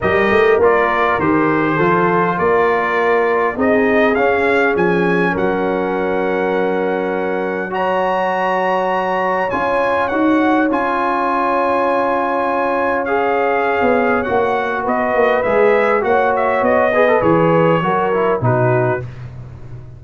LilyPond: <<
  \new Staff \with { instrumentName = "trumpet" } { \time 4/4 \tempo 4 = 101 dis''4 d''4 c''2 | d''2 dis''4 f''4 | gis''4 fis''2.~ | fis''4 ais''2. |
gis''4 fis''4 gis''2~ | gis''2 f''2 | fis''4 dis''4 e''4 fis''8 e''8 | dis''4 cis''2 b'4 | }
  \new Staff \with { instrumentName = "horn" } { \time 4/4 ais'2. a'4 | ais'2 gis'2~ | gis'4 ais'2.~ | ais'4 cis''2.~ |
cis''1~ | cis''1~ | cis''4 b'2 cis''4~ | cis''8 b'4. ais'4 fis'4 | }
  \new Staff \with { instrumentName = "trombone" } { \time 4/4 g'4 f'4 g'4 f'4~ | f'2 dis'4 cis'4~ | cis'1~ | cis'4 fis'2. |
f'4 fis'4 f'2~ | f'2 gis'2 | fis'2 gis'4 fis'4~ | fis'8 gis'16 a'16 gis'4 fis'8 e'8 dis'4 | }
  \new Staff \with { instrumentName = "tuba" } { \time 4/4 g8 a8 ais4 dis4 f4 | ais2 c'4 cis'4 | f4 fis2.~ | fis1 |
cis'4 dis'4 cis'2~ | cis'2.~ cis'16 b8. | ais4 b8 ais8 gis4 ais4 | b4 e4 fis4 b,4 | }
>>